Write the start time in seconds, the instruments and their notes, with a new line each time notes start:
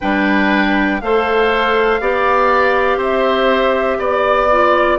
0.00 bassoon G3, clarinet D4, oboe B4, flute G5
1.00 bassoon A3, clarinet A4, oboe C5, flute F5
2.00 bassoon B3, clarinet G4, oboe D5
2.96 bassoon C4, oboe C5, flute E5
3.98 bassoon B3, oboe D5, flute D5
4.51 clarinet F4